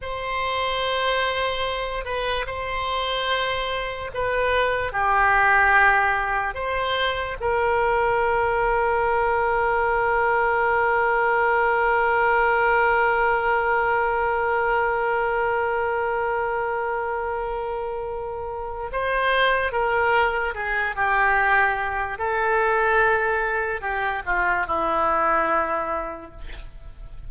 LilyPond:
\new Staff \with { instrumentName = "oboe" } { \time 4/4 \tempo 4 = 73 c''2~ c''8 b'8 c''4~ | c''4 b'4 g'2 | c''4 ais'2.~ | ais'1~ |
ais'1~ | ais'2. c''4 | ais'4 gis'8 g'4. a'4~ | a'4 g'8 f'8 e'2 | }